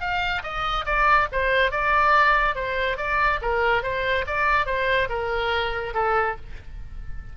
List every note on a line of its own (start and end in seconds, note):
0.00 0.42 F5
0.43 0.85 D#5
0.85 1.28 D5
1.32 1.71 C5
1.71 2.55 D5
2.55 2.97 C5
2.97 3.39 D5
3.41 3.83 A#4
3.83 4.25 C5
4.27 4.66 D5
4.66 5.08 C5
5.09 5.93 A#4
5.94 6.36 A4